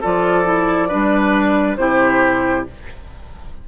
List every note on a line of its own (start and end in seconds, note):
0.00 0.93 F3
0.00 0.44 F4
0.00 0.88 A4
0.00 1.76 D5
0.44 0.88 E4
0.88 1.76 G3
0.88 1.77 D4
0.88 1.76 B4
1.76 2.65 C3
1.76 2.66 E4
1.76 2.68 G4
1.76 2.64 C5